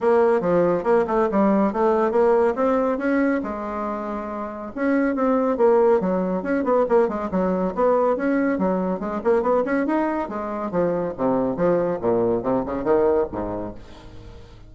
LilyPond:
\new Staff \with { instrumentName = "bassoon" } { \time 4/4 \tempo 4 = 140 ais4 f4 ais8 a8 g4 | a4 ais4 c'4 cis'4 | gis2. cis'4 | c'4 ais4 fis4 cis'8 b8 |
ais8 gis8 fis4 b4 cis'4 | fis4 gis8 ais8 b8 cis'8 dis'4 | gis4 f4 c4 f4 | ais,4 c8 cis8 dis4 gis,4 | }